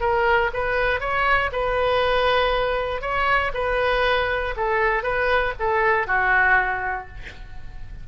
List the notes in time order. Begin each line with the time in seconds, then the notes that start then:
0.00 A#4
0.54 B4
1.00 C#5
1.52 B4
3.01 C#5
3.54 B4
4.56 A4
5.03 B4
5.59 A4
6.07 F#4